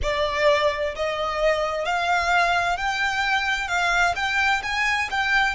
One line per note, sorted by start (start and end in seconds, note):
0.02 0.94 D5
0.95 1.85 D#5
1.85 2.77 F5
2.77 3.68 G5
3.68 4.14 F5
4.15 4.62 G5
4.62 5.09 G#5
5.11 5.55 G5